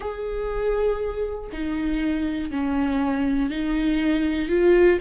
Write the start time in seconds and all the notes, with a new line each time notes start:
0.00 G#4
1.52 D#4
2.50 C#4
3.50 D#4
4.48 F4